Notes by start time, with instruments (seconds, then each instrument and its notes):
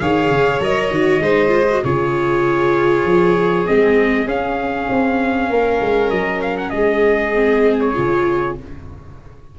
0.00 tuba D#3, viola G#4, violin C#5, trumpet F5
0.30 tuba C#3
0.61 tuba F#3, viola A#4, trumpet D#5
0.91 tuba D#3, viola F#4
1.20 tuba G#3, viola D#4, violin C5
1.48 viola F4
1.70 viola F#4
1.84 tuba C#3, viola F4, violin G#4, trumpet C#5
3.05 tuba F3
3.66 tuba G#3, viola C4, trumpet D#5
4.26 tuba C#4, viola C#4, trumpet F5
4.89 tuba C4
5.50 tuba A#3, violin A#4
5.81 tuba G#3
6.10 tuba F#3, trumpet D#5
6.42 trumpet F5
6.58 trumpet F#5
6.70 tuba G#3, violin G#4, trumpet D#5
7.35 viola C4
7.80 trumpet C#5
7.95 tuba C#3, viola F4